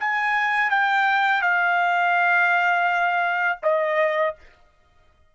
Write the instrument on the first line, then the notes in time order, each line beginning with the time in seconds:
trumpet
0.00 G#5
0.70 G5
1.42 F5
3.63 D#5